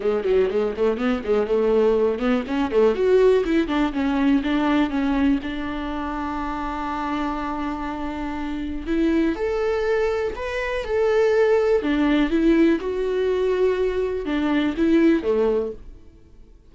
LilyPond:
\new Staff \with { instrumentName = "viola" } { \time 4/4 \tempo 4 = 122 gis8 fis8 gis8 a8 b8 gis8 a4~ | a8 b8 cis'8 a8 fis'4 e'8 d'8 | cis'4 d'4 cis'4 d'4~ | d'1~ |
d'2 e'4 a'4~ | a'4 b'4 a'2 | d'4 e'4 fis'2~ | fis'4 d'4 e'4 a4 | }